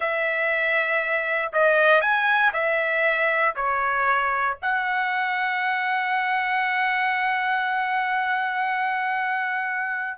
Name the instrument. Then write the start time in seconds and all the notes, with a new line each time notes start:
trumpet
0.00 E5
1.53 D#5
2.01 G#5
2.53 E5
3.55 C#5
4.62 F#5